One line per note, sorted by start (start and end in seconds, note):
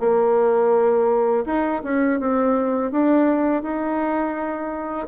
0.00 1.45 A#3
1.46 1.82 D#4
1.84 2.20 C#4
2.20 2.91 C4
2.91 3.63 D4
3.63 5.07 D#4